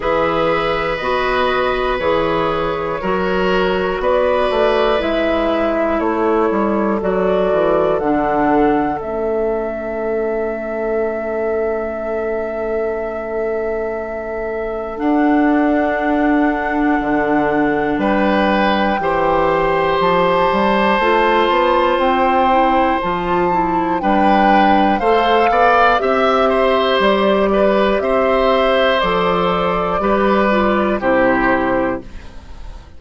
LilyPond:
<<
  \new Staff \with { instrumentName = "flute" } { \time 4/4 \tempo 4 = 60 e''4 dis''4 cis''2 | d''4 e''4 cis''4 d''4 | fis''4 e''2.~ | e''2. fis''4~ |
fis''2 g''2 | a''2 g''4 a''4 | g''4 f''4 e''4 d''4 | e''4 d''2 c''4 | }
  \new Staff \with { instrumentName = "oboe" } { \time 4/4 b'2. ais'4 | b'2 a'2~ | a'1~ | a'1~ |
a'2 b'4 c''4~ | c''1 | b'4 c''8 d''8 e''8 c''4 b'8 | c''2 b'4 g'4 | }
  \new Staff \with { instrumentName = "clarinet" } { \time 4/4 gis'4 fis'4 gis'4 fis'4~ | fis'4 e'2 fis'4 | d'4 cis'2.~ | cis'2. d'4~ |
d'2. g'4~ | g'4 f'4. e'8 f'8 e'8 | d'4 a'4 g'2~ | g'4 a'4 g'8 f'8 e'4 | }
  \new Staff \with { instrumentName = "bassoon" } { \time 4/4 e4 b4 e4 fis4 | b8 a8 gis4 a8 g8 fis8 e8 | d4 a2.~ | a2. d'4~ |
d'4 d4 g4 e4 | f8 g8 a8 b8 c'4 f4 | g4 a8 b8 c'4 g4 | c'4 f4 g4 c4 | }
>>